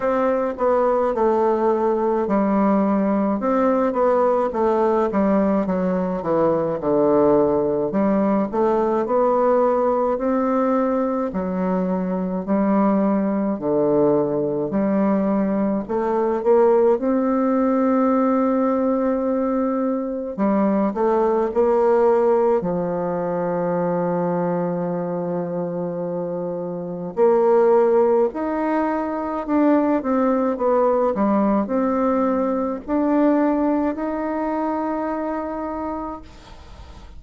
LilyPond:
\new Staff \with { instrumentName = "bassoon" } { \time 4/4 \tempo 4 = 53 c'8 b8 a4 g4 c'8 b8 | a8 g8 fis8 e8 d4 g8 a8 | b4 c'4 fis4 g4 | d4 g4 a8 ais8 c'4~ |
c'2 g8 a8 ais4 | f1 | ais4 dis'4 d'8 c'8 b8 g8 | c'4 d'4 dis'2 | }